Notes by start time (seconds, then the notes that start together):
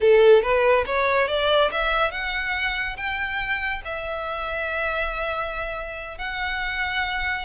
0.00 A4
0.42 B4
0.85 C#5
1.28 D5
1.71 E5
2.11 F#5
2.97 G5
3.85 E5
6.18 F#5